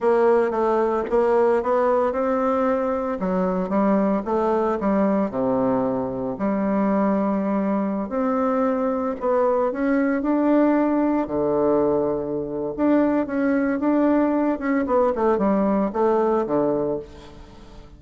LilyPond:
\new Staff \with { instrumentName = "bassoon" } { \time 4/4 \tempo 4 = 113 ais4 a4 ais4 b4 | c'2 fis4 g4 | a4 g4 c2 | g2.~ g16 c'8.~ |
c'4~ c'16 b4 cis'4 d'8.~ | d'4~ d'16 d2~ d8. | d'4 cis'4 d'4. cis'8 | b8 a8 g4 a4 d4 | }